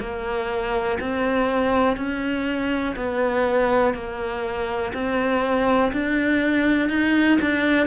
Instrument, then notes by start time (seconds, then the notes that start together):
cello
0.00 A#3
1.00 C4
1.97 C#4
2.96 B3
3.94 A#3
4.93 C4
5.92 D4
6.89 D#4
7.41 D4